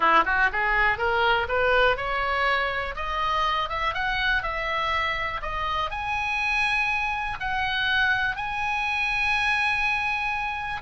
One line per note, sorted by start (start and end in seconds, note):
0.00 0.23 E4
0.25 0.50 F#4
0.52 0.97 G#4
0.97 1.47 A#4
1.48 1.96 B4
1.96 2.95 C#5
2.95 3.69 D#5
3.69 3.93 E5
3.94 4.42 F#5
4.42 5.41 E5
5.42 5.90 D#5
5.90 7.38 G#5
7.39 8.35 F#5
8.35 10.81 G#5